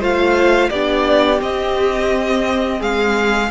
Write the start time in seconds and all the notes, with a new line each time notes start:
0.00 A3 F4 C5 F5
0.70 B3 D4 G4 D5
1.39 C4 D#5
2.79 G#3 G#4 F5